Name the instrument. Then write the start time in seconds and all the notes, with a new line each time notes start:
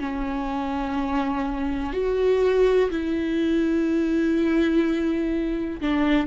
viola
0.00 C#4
1.94 F#4
2.91 E4
5.82 D4